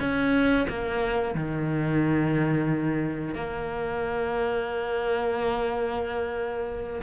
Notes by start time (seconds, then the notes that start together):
0.00 C#4
0.69 A#3
1.35 D#3
3.35 A#3